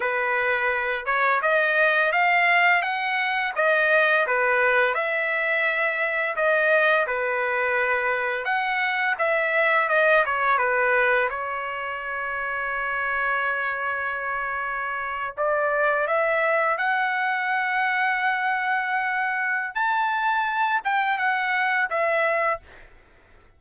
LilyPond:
\new Staff \with { instrumentName = "trumpet" } { \time 4/4 \tempo 4 = 85 b'4. cis''8 dis''4 f''4 | fis''4 dis''4 b'4 e''4~ | e''4 dis''4 b'2 | fis''4 e''4 dis''8 cis''8 b'4 |
cis''1~ | cis''4.~ cis''16 d''4 e''4 fis''16~ | fis''1 | a''4. g''8 fis''4 e''4 | }